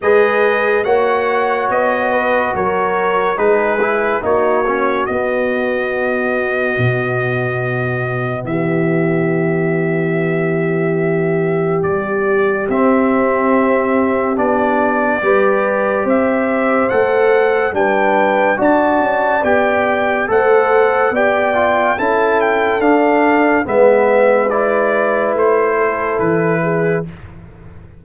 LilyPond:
<<
  \new Staff \with { instrumentName = "trumpet" } { \time 4/4 \tempo 4 = 71 dis''4 fis''4 dis''4 cis''4 | b'4 cis''4 dis''2~ | dis''2 e''2~ | e''2 d''4 e''4~ |
e''4 d''2 e''4 | fis''4 g''4 a''4 g''4 | fis''4 g''4 a''8 g''8 f''4 | e''4 d''4 c''4 b'4 | }
  \new Staff \with { instrumentName = "horn" } { \time 4/4 b'4 cis''4. b'8 ais'4 | gis'4 fis'2.~ | fis'2 g'2~ | g'1~ |
g'2 b'4 c''4~ | c''4 b'4 d''2 | c''4 d''4 a'2 | b'2~ b'8 a'4 gis'8 | }
  \new Staff \with { instrumentName = "trombone" } { \time 4/4 gis'4 fis'2. | dis'8 e'8 dis'8 cis'8 b2~ | b1~ | b2. c'4~ |
c'4 d'4 g'2 | a'4 d'4 fis'4 g'4 | a'4 g'8 f'8 e'4 d'4 | b4 e'2. | }
  \new Staff \with { instrumentName = "tuba" } { \time 4/4 gis4 ais4 b4 fis4 | gis4 ais4 b2 | b,2 e2~ | e2 g4 c'4~ |
c'4 b4 g4 c'4 | a4 g4 d'8 cis'8 b4 | a4 b4 cis'4 d'4 | gis2 a4 e4 | }
>>